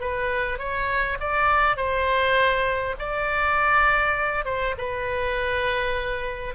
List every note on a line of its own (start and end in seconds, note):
0.00 0.58 B4
0.58 1.18 C#5
1.20 1.76 D5
1.76 2.95 C5
2.99 4.45 D5
4.45 4.75 C5
4.78 6.55 B4